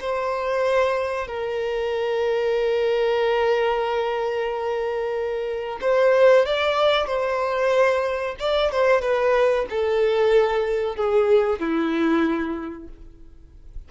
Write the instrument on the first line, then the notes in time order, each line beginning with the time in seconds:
violin
0.00 C5
1.27 A#4
5.81 C5
6.45 D5
7.06 C5
8.39 D5
8.71 C5
9.01 B4
9.69 A4
10.96 G#4
11.59 E4